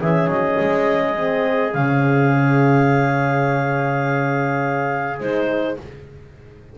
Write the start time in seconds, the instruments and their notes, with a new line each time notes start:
0.00 double bass E3, horn C#4, trumpet G#4, clarinet E5
0.27 double bass F#3, clarinet D#5
0.60 double bass G#3
1.16 horn C4
1.71 double bass C#3, horn C#4, clarinet F5
5.19 double bass G#3, horn D#4, clarinet C5